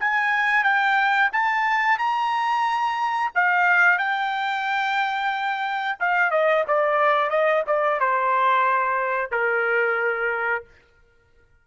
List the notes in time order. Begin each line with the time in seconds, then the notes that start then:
0.00 G#5
0.64 G5
1.32 A5
1.98 A#5
3.35 F5
3.98 G5
6.00 F5
6.31 D#5
6.68 D5
7.30 D#5
7.67 D5
8.00 C5
9.31 A#4